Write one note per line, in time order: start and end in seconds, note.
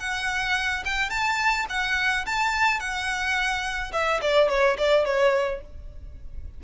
0.00 0.84 F#5
0.85 1.10 G5
1.10 1.66 A5
1.70 2.26 F#5
2.26 2.80 A5
2.80 3.92 F#5
3.93 4.21 E5
4.22 4.49 D5
4.49 4.77 C#5
4.78 5.05 D5
5.05 5.61 C#5